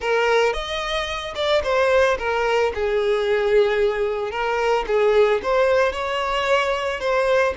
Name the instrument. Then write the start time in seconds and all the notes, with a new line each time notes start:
violin
0.00 A#4
0.53 D#5
1.35 D5
1.63 C5
2.18 A#4
2.74 G#4
4.31 A#4
4.87 G#4
5.43 C5
5.92 C#5
7.00 C5